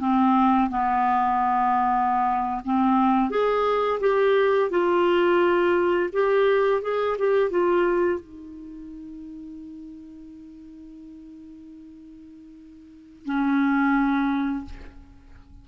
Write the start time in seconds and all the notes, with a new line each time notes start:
0.00 C4
0.70 B3
2.65 C4
3.30 G#4
4.01 G4
4.70 F4
6.13 G4
6.82 G#4
7.18 G4
7.50 F4
8.20 D#4
13.26 C#4